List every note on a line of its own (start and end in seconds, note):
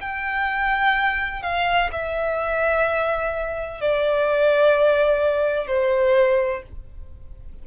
0.00 1.42 G5
1.42 1.90 F5
1.92 3.81 E5
3.81 5.67 D5
5.67 6.62 C5